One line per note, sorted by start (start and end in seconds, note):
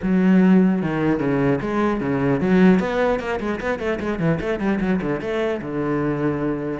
0.02 0.81 F#3
0.81 1.19 D#3
1.19 1.59 C#3
1.61 2.00 G#3
2.00 2.40 C#3
2.40 2.79 F#3
2.79 3.19 B3
3.19 3.39 A#3
3.40 3.60 G#3
3.60 3.79 B3
3.79 3.99 A3
4.00 4.19 G#3
4.19 4.39 E3
4.40 4.59 A3
4.59 4.79 G3
4.80 5.00 F#3
5.01 5.20 D3
5.20 5.60 A3
5.61 6.79 D3